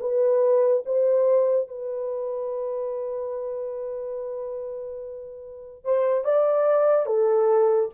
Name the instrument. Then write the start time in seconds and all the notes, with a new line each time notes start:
horn
0.00 B4
0.86 C5
1.68 B4
5.84 C5
6.25 D5
7.06 A4